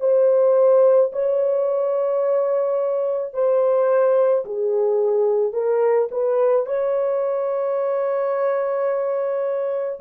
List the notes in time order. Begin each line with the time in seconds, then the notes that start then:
0.00 C5
1.13 C#5
3.34 C5
4.45 G#4
5.53 A#4
6.11 B4
6.66 C#5